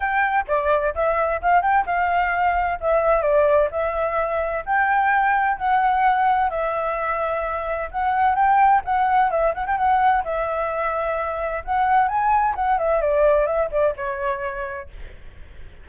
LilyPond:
\new Staff \with { instrumentName = "flute" } { \time 4/4 \tempo 4 = 129 g''4 d''4 e''4 f''8 g''8 | f''2 e''4 d''4 | e''2 g''2 | fis''2 e''2~ |
e''4 fis''4 g''4 fis''4 | e''8 fis''16 g''16 fis''4 e''2~ | e''4 fis''4 gis''4 fis''8 e''8 | d''4 e''8 d''8 cis''2 | }